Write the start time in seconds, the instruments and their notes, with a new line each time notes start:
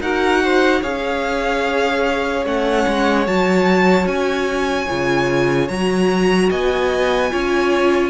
0.00 cello D#4, viola F#4, violin A#4 F#5
0.43 violin C5
0.81 cello C#4, viola G#4, violin C#5 F5
2.44 cello A3, viola C#4, violin F#5
2.87 cello G#3
3.26 cello F#3, viola F#4, violin A5
4.06 cello C#4, violin G#5
4.89 cello C#3, viola F4
5.68 cello F#3, viola F#4, violin A#5
6.49 cello B3, violin D#5 G#5
7.30 cello C#4, viola F4, violin C#5